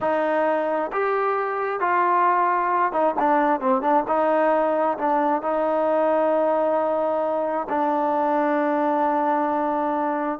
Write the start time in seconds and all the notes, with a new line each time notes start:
0.01 D#4
0.92 G4
1.79 F4
2.92 D#4
3.19 D4
3.60 C4
3.81 D4
4.07 D#4
4.97 D4
5.41 D#4
7.69 D4